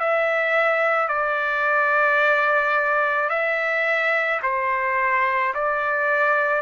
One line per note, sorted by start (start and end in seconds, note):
0.00 1.09 E5
1.09 3.30 D5
3.30 4.41 E5
4.43 5.54 C5
5.55 6.62 D5